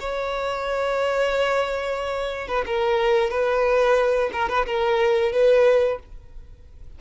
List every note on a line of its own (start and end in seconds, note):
0.00 2.48 C#5
2.48 2.65 B4
2.66 3.30 A#4
3.30 4.30 B4
4.33 4.49 A#4
4.49 4.66 B4
4.66 5.32 A#4
5.32 5.99 B4